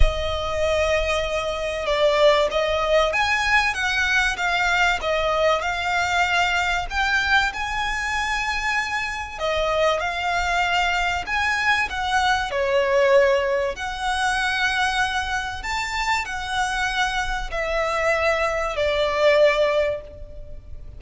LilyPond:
\new Staff \with { instrumentName = "violin" } { \time 4/4 \tempo 4 = 96 dis''2. d''4 | dis''4 gis''4 fis''4 f''4 | dis''4 f''2 g''4 | gis''2. dis''4 |
f''2 gis''4 fis''4 | cis''2 fis''2~ | fis''4 a''4 fis''2 | e''2 d''2 | }